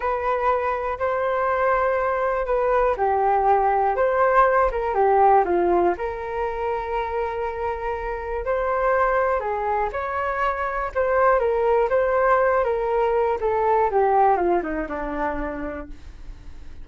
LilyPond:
\new Staff \with { instrumentName = "flute" } { \time 4/4 \tempo 4 = 121 b'2 c''2~ | c''4 b'4 g'2 | c''4. ais'8 g'4 f'4 | ais'1~ |
ais'4 c''2 gis'4 | cis''2 c''4 ais'4 | c''4. ais'4. a'4 | g'4 f'8 dis'8 d'2 | }